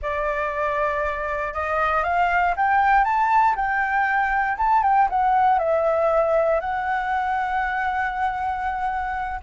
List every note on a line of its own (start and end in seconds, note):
0.02 1.53 D5
1.53 2.03 D#5
2.03 2.54 F5
2.56 3.04 G5
3.04 3.55 A5
3.55 4.57 G5
4.57 4.83 A5
4.83 5.08 G5
5.09 5.58 F#5
5.58 6.60 E5
6.60 9.40 F#5